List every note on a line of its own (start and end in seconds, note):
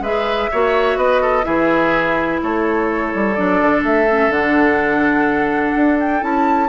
0.00 0.48 G#3
0.00 0.51 G#4
0.00 0.50 B4
0.00 0.97 E5
0.51 0.96 A#3
0.51 1.42 F#4
0.51 0.98 C#5
0.96 1.44 B3
0.96 1.21 B4
0.96 1.44 D#5
1.21 1.45 A4
1.42 2.41 E3
1.42 3.33 E4
1.42 2.41 G#4
1.42 2.39 E5
2.42 3.13 A3
2.42 6.69 A4
2.42 3.34 C#5
3.14 3.38 G3
3.34 3.61 F#3
3.34 4.08 D4
3.34 3.82 D5
3.61 3.82 D3
3.82 4.29 A3
3.82 4.31 E5
4.08 4.31 C#4
4.29 5.72 D3
4.29 6.21 D4
4.29 5.98 F#5
5.75 6.22 D4
6.00 6.23 G5
6.21 6.69 C#4
6.21 6.68 E4
6.21 6.69 A5